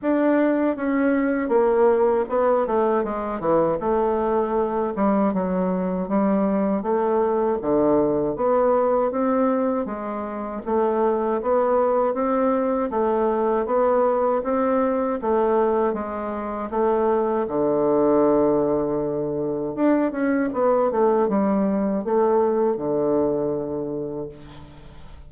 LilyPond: \new Staff \with { instrumentName = "bassoon" } { \time 4/4 \tempo 4 = 79 d'4 cis'4 ais4 b8 a8 | gis8 e8 a4. g8 fis4 | g4 a4 d4 b4 | c'4 gis4 a4 b4 |
c'4 a4 b4 c'4 | a4 gis4 a4 d4~ | d2 d'8 cis'8 b8 a8 | g4 a4 d2 | }